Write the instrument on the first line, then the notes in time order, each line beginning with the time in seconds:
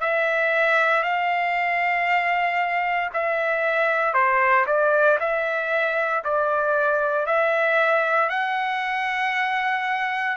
trumpet
0.00 E5
1.03 F5
3.13 E5
4.14 C5
4.66 D5
5.20 E5
6.24 D5
7.26 E5
8.29 F#5